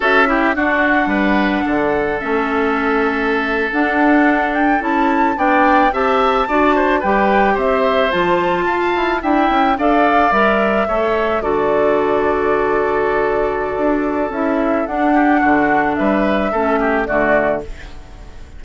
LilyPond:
<<
  \new Staff \with { instrumentName = "flute" } { \time 4/4 \tempo 4 = 109 e''4 fis''2. | e''2~ e''8. fis''4~ fis''16~ | fis''16 g''8 a''4 g''4 a''4~ a''16~ | a''8. g''4 e''4 a''4~ a''16~ |
a''8. g''4 f''4 e''4~ e''16~ | e''8. d''2.~ d''16~ | d''2 e''4 fis''4~ | fis''4 e''2 d''4 | }
  \new Staff \with { instrumentName = "oboe" } { \time 4/4 a'8 g'8 fis'4 b'4 a'4~ | a'1~ | a'4.~ a'16 d''4 e''4 d''16~ | d''16 c''8 b'4 c''2 f''16~ |
f''8. e''4 d''2 cis''16~ | cis''8. a'2.~ a'16~ | a'2.~ a'8 g'8 | fis'4 b'4 a'8 g'8 fis'4 | }
  \new Staff \with { instrumentName = "clarinet" } { \time 4/4 fis'8 e'8 d'2. | cis'2~ cis'8. d'4~ d'16~ | d'8. e'4 d'4 g'4 fis'16~ | fis'8. g'2 f'4~ f'16~ |
f'8. e'4 a'4 ais'4 a'16~ | a'8. fis'2.~ fis'16~ | fis'2 e'4 d'4~ | d'2 cis'4 a4 | }
  \new Staff \with { instrumentName = "bassoon" } { \time 4/4 cis'4 d'4 g4 d4 | a2~ a8. d'4~ d'16~ | d'8. cis'4 b4 c'4 d'16~ | d'8. g4 c'4 f4 f'16~ |
f'16 e'8 d'8 cis'8 d'4 g4 a16~ | a8. d2.~ d16~ | d4 d'4 cis'4 d'4 | d4 g4 a4 d4 | }
>>